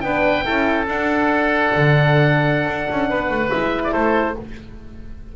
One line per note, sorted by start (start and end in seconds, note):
0.00 0.45 B3
0.00 0.43 D4
0.00 0.44 B4
0.00 0.85 G5
0.43 0.86 C#4
0.43 0.85 E4
0.43 3.08 A4
0.86 1.71 D4
0.86 3.51 D4
0.86 3.50 F#5
1.76 2.66 D3
2.66 2.88 D4
2.90 3.11 C#4
3.09 3.29 B3
3.09 3.92 B4
3.29 3.50 A3
3.50 3.93 G#3
3.50 4.35 E4
3.50 3.82 E5
3.84 3.92 D5
3.92 4.35 A3
3.92 4.34 A4
3.92 4.35 C5